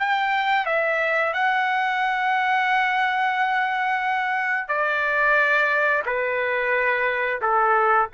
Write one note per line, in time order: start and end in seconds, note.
0.00 0.66 G5
0.66 1.34 E5
1.34 4.69 F#5
4.69 6.03 D5
6.06 7.41 B4
7.42 8.09 A4